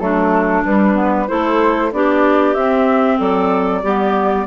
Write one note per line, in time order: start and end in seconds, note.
0.00 0.64 F#3
0.00 0.64 A3
0.00 1.29 D4
0.00 0.64 A4
0.65 1.29 G3
0.65 0.95 G3
0.65 1.28 B4
0.95 1.27 B3
1.28 1.93 A3
1.28 1.91 E4
1.28 1.93 A4
1.28 1.92 C5
1.93 2.55 B3
1.93 2.55 D4
1.93 3.18 G4
1.93 2.55 D5
2.55 3.19 C4
2.55 3.83 C4
2.55 3.18 E5
3.18 3.83 F#3
3.18 3.82 A4
3.18 4.47 D5
3.83 4.47 G3
3.83 4.47 B3
3.83 4.46 G4